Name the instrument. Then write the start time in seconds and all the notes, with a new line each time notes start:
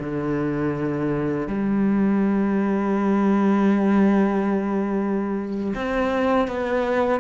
cello
0.00 D3
1.48 G3
5.75 C4
6.47 B3